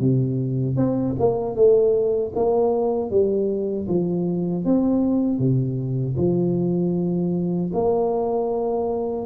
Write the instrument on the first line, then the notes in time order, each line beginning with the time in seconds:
tuba
0.00 C3
0.76 C4
1.19 A#3
1.55 A3
2.35 A#3
3.10 G3
3.88 F3
4.65 C4
5.38 C3
6.17 F3
7.73 A#3